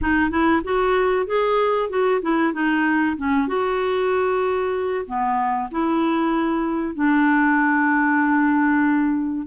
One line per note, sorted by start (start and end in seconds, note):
0.01 0.30 D#4
0.30 0.61 E4
0.64 1.26 F#4
1.26 1.89 G#4
1.89 2.21 F#4
2.21 2.53 E4
2.53 3.16 D#4
3.17 3.47 C#4
3.47 5.05 F#4
5.06 5.69 B3
5.71 6.94 E4
6.94 9.46 D4